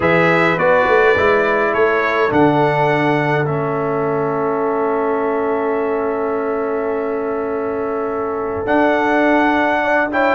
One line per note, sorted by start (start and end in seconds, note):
0.00 0.57 E3
0.00 0.57 G#4
0.00 1.71 B4
0.00 0.58 E5
0.57 0.86 B3
0.57 1.15 F#4
0.57 1.73 D5
0.87 1.16 A3
1.16 1.73 G#3
1.16 2.29 E4
1.73 2.31 A3
1.73 9.81 A4
1.73 2.31 C#5
2.29 3.47 D3
2.29 3.44 D4
2.29 3.45 F#5
3.45 8.66 A3
3.45 8.66 C#4
3.45 8.64 E5
8.66 10.10 D4
8.66 10.34 D4
8.66 10.10 F#5
9.82 10.11 D5
10.11 10.34 E4
10.11 10.34 C#5
10.11 10.34 G5